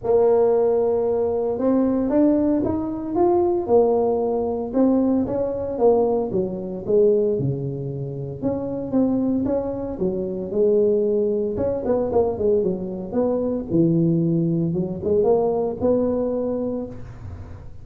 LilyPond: \new Staff \with { instrumentName = "tuba" } { \time 4/4 \tempo 4 = 114 ais2. c'4 | d'4 dis'4 f'4 ais4~ | ais4 c'4 cis'4 ais4 | fis4 gis4 cis2 |
cis'4 c'4 cis'4 fis4 | gis2 cis'8 b8 ais8 gis8 | fis4 b4 e2 | fis8 gis8 ais4 b2 | }